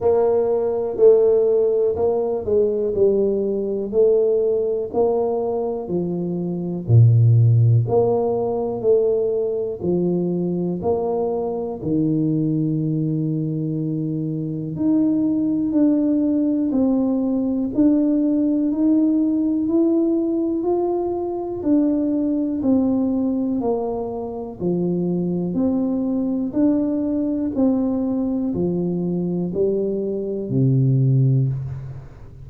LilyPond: \new Staff \with { instrumentName = "tuba" } { \time 4/4 \tempo 4 = 61 ais4 a4 ais8 gis8 g4 | a4 ais4 f4 ais,4 | ais4 a4 f4 ais4 | dis2. dis'4 |
d'4 c'4 d'4 dis'4 | e'4 f'4 d'4 c'4 | ais4 f4 c'4 d'4 | c'4 f4 g4 c4 | }